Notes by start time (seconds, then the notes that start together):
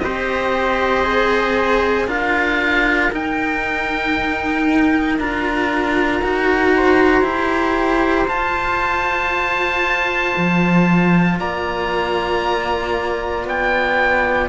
0.00 C4 G4 C5 D#5
1.05 G#4
2.07 D4 F4 A#4 F5
3.12 D#4 G5
5.19 D4 F4 A#5
6.23 D#4 F#4
6.77 C5
7.22 E4 G4
8.28 F4 A5
10.37 F3
11.40 A#3 D5 A#5
13.45 B3 G5